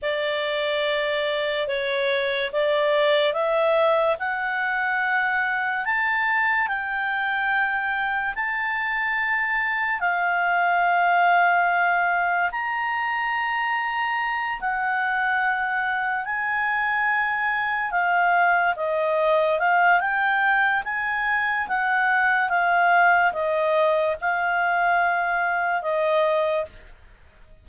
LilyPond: \new Staff \with { instrumentName = "clarinet" } { \time 4/4 \tempo 4 = 72 d''2 cis''4 d''4 | e''4 fis''2 a''4 | g''2 a''2 | f''2. ais''4~ |
ais''4. fis''2 gis''8~ | gis''4. f''4 dis''4 f''8 | g''4 gis''4 fis''4 f''4 | dis''4 f''2 dis''4 | }